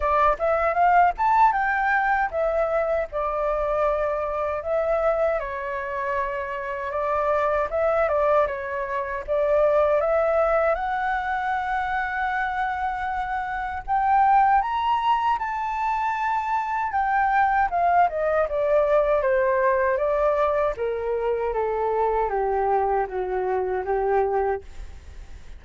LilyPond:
\new Staff \with { instrumentName = "flute" } { \time 4/4 \tempo 4 = 78 d''8 e''8 f''8 a''8 g''4 e''4 | d''2 e''4 cis''4~ | cis''4 d''4 e''8 d''8 cis''4 | d''4 e''4 fis''2~ |
fis''2 g''4 ais''4 | a''2 g''4 f''8 dis''8 | d''4 c''4 d''4 ais'4 | a'4 g'4 fis'4 g'4 | }